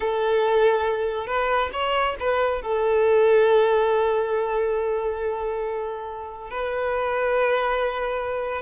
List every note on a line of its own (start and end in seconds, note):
0.00 1.26 A4
1.26 1.70 B4
1.72 2.15 C#5
2.19 2.62 B4
2.62 6.50 A4
6.50 8.61 B4